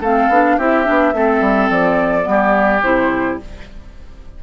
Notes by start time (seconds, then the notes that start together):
0.00 A3 C4 A4 F5
0.29 B3 D4
0.57 C4 E4 G4 E5
0.85 B3 D4
1.13 A3 C4 A4
1.41 G3
1.70 F3 D5
2.23 G3 B3
2.30 G4
2.82 C3 E4 C5